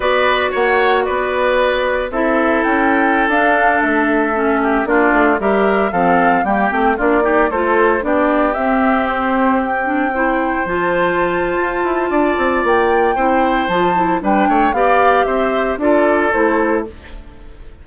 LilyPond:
<<
  \new Staff \with { instrumentName = "flute" } { \time 4/4 \tempo 4 = 114 d''4 fis''4 d''2 | e''4 g''4~ g''16 f''4 e''8.~ | e''4~ e''16 d''4 e''4 f''8.~ | f''16 g''4 d''4 c''4 d''8.~ |
d''16 e''4 c''4 g''4.~ g''16~ | g''16 a''2.~ a''8. | g''2 a''4 g''4 | f''4 e''4 d''4 c''4 | }
  \new Staff \with { instrumentName = "oboe" } { \time 4/4 b'4 cis''4 b'2 | a'1~ | a'8. g'8 f'4 ais'4 a'8.~ | a'16 g'4 f'8 g'8 a'4 g'8.~ |
g'2.~ g'16 c''8.~ | c''2. d''4~ | d''4 c''2 b'8 cis''8 | d''4 c''4 a'2 | }
  \new Staff \with { instrumentName = "clarinet" } { \time 4/4 fis'1 | e'2~ e'16 d'4.~ d'16~ | d'16 cis'4 d'4 g'4 c'8.~ | c'16 ais8 c'8 d'8 dis'8 f'4 d'8.~ |
d'16 c'2~ c'8 d'8 e'8.~ | e'16 f'2.~ f'8.~ | f'4 e'4 f'8 e'8 d'4 | g'2 f'4 e'4 | }
  \new Staff \with { instrumentName = "bassoon" } { \time 4/4 b4 ais4 b2 | c'4 cis'4~ cis'16 d'4 a8.~ | a4~ a16 ais8 a8 g4 f8.~ | f16 g8 a8 ais4 a4 b8.~ |
b16 c'2.~ c'8.~ | c'16 f4.~ f16 f'8 e'8 d'8 c'8 | ais4 c'4 f4 g8 a8 | b4 c'4 d'4 a4 | }
>>